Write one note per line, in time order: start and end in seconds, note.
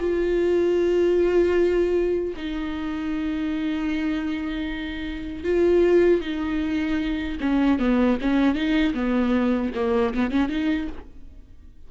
0.00 2.34 F4
2.37 5.44 D#4
5.44 6.21 F4
6.21 7.38 D#4
7.40 7.79 C#4
7.79 8.18 B3
8.21 8.55 C#4
8.55 8.94 D#4
8.94 9.72 B3
9.75 10.14 A#3
10.14 10.31 B3
10.31 10.49 C#4
10.49 10.88 D#4